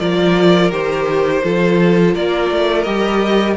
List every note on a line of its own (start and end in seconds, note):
0.00 0.72 F3
0.00 0.71 F4
0.00 1.43 A#4
0.00 0.72 D5
0.71 1.43 D#3
0.71 1.43 G4
0.71 2.15 C5
1.44 2.16 F3
1.44 2.86 F4
1.44 2.14 A4
2.14 2.51 A#3
2.14 3.57 A#4
2.14 2.83 D5
2.51 2.86 A3
2.83 3.57 G3
2.83 3.57 G4
2.83 3.55 D#5